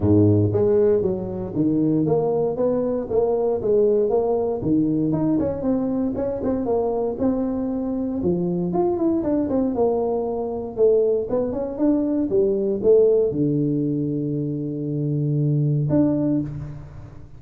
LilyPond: \new Staff \with { instrumentName = "tuba" } { \time 4/4 \tempo 4 = 117 gis,4 gis4 fis4 dis4 | ais4 b4 ais4 gis4 | ais4 dis4 dis'8 cis'8 c'4 | cis'8 c'8 ais4 c'2 |
f4 f'8 e'8 d'8 c'8 ais4~ | ais4 a4 b8 cis'8 d'4 | g4 a4 d2~ | d2. d'4 | }